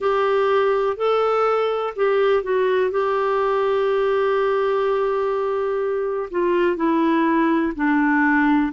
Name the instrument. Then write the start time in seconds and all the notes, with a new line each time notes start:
clarinet
0.00 G4
0.97 A4
1.96 G4
2.43 F#4
2.90 G4
6.30 F4
6.76 E4
7.75 D4